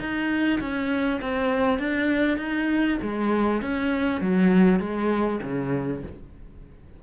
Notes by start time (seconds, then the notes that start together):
0.00 D#4
0.61 C#4
1.22 C4
1.79 D4
2.38 D#4
3.02 G#3
3.62 C#4
4.21 F#3
4.80 G#3
5.43 C#3